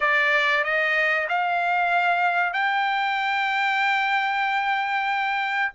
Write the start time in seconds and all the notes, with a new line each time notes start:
0.00 D5
0.64 D#5
1.29 F5
2.53 G5